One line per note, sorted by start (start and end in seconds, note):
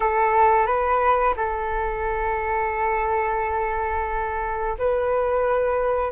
0.00 0.66 A4
0.66 1.34 B4
1.36 4.77 A4
4.78 6.11 B4